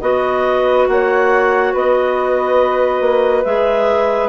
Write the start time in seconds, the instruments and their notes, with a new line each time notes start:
0.00 bassoon B3, clarinet F#4 D#5, flute B4
0.88 bassoon A#3, flute C#5, clarinet F#5
1.73 bassoon B3, flute B4, clarinet D#5
3.00 bassoon A#3
3.44 bassoon G#3, clarinet G#4 E5